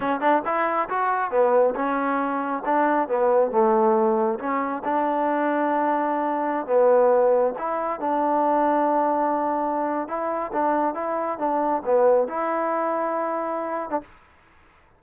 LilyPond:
\new Staff \with { instrumentName = "trombone" } { \time 4/4 \tempo 4 = 137 cis'8 d'8 e'4 fis'4 b4 | cis'2 d'4 b4 | a2 cis'4 d'4~ | d'2.~ d'16 b8.~ |
b4~ b16 e'4 d'4.~ d'16~ | d'2. e'4 | d'4 e'4 d'4 b4 | e'2.~ e'8. d'16 | }